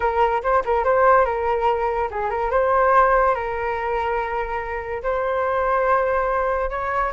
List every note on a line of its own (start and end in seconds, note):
0.00 0.42 A#4
0.42 0.63 C5
0.65 0.84 A#4
0.84 1.25 C5
1.25 2.09 A#4
2.10 2.29 G#4
2.29 2.50 A#4
2.50 3.34 C5
3.34 5.02 A#4
5.03 6.70 C5
6.70 7.12 C#5